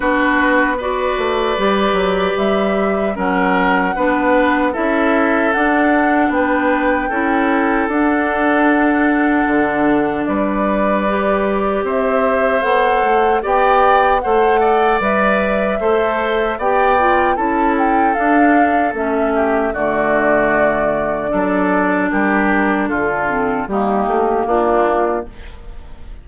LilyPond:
<<
  \new Staff \with { instrumentName = "flute" } { \time 4/4 \tempo 4 = 76 b'4 d''2 e''4 | fis''2 e''4 fis''4 | g''2 fis''2~ | fis''4 d''2 e''4 |
fis''4 g''4 fis''4 e''4~ | e''4 g''4 a''8 g''8 f''4 | e''4 d''2. | ais'4 a'4 g'4 f'4 | }
  \new Staff \with { instrumentName = "oboe" } { \time 4/4 fis'4 b'2. | ais'4 b'4 a'2 | b'4 a'2.~ | a'4 b'2 c''4~ |
c''4 d''4 c''8 d''4. | c''4 d''4 a'2~ | a'8 g'8 fis'2 a'4 | g'4 f'4 dis'4 d'4 | }
  \new Staff \with { instrumentName = "clarinet" } { \time 4/4 d'4 fis'4 g'2 | cis'4 d'4 e'4 d'4~ | d'4 e'4 d'2~ | d'2 g'2 |
a'4 g'4 a'4 b'4 | a'4 g'8 f'8 e'4 d'4 | cis'4 a2 d'4~ | d'4. c'8 ais2 | }
  \new Staff \with { instrumentName = "bassoon" } { \time 4/4 b4. a8 g8 fis8 g4 | fis4 b4 cis'4 d'4 | b4 cis'4 d'2 | d4 g2 c'4 |
b8 a8 b4 a4 g4 | a4 b4 cis'4 d'4 | a4 d2 fis4 | g4 d4 g8 a8 ais4 | }
>>